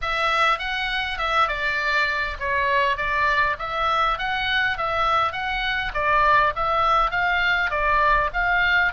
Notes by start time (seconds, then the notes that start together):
0.01 E5
0.59 F#5
1.18 E5
1.48 D5
2.39 C#5
2.96 D5
3.59 E5
4.18 F#5
4.77 E5
5.32 F#5
5.94 D5
6.55 E5
7.10 F5
7.70 D5
8.33 F5